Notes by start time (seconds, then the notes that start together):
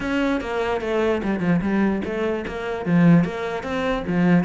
0.00 C#4
0.41 A#3
0.81 A3
1.23 G3
1.40 F3
1.61 G3
2.04 A3
2.47 A#3
2.85 F3
3.24 A#3
3.63 C4
4.07 F3